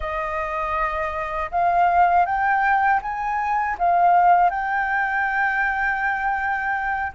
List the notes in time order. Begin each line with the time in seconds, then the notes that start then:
0.00 D#5
1.51 F5
2.25 G5
3.01 G#5
3.78 F5
4.50 G5